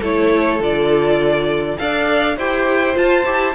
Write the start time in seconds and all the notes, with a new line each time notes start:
0.00 A3 E4 A4 C#5
0.60 D3 F4 D5
1.78 D4 A4 D5 F5
2.37 E4 G4 C5 G5
2.94 F4 A5
3.25 E4 G4